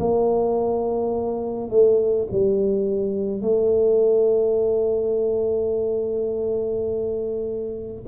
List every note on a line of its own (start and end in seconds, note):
0.00 1.70 A#3
1.70 2.28 A3
2.32 3.42 G3
3.42 8.03 A3